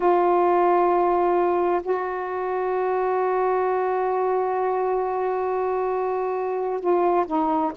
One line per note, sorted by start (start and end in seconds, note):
0.00 1.81 F4
1.82 6.80 F#4
6.80 7.25 F4
7.26 7.71 D#4